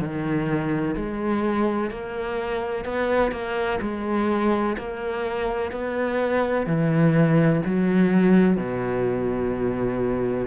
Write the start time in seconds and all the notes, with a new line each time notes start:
0.00 D#3
0.96 G#3
1.90 A#3
2.85 B3
3.32 A#3
3.82 G#3
4.78 A#3
5.72 B3
6.67 E3
7.66 F#3
8.57 B2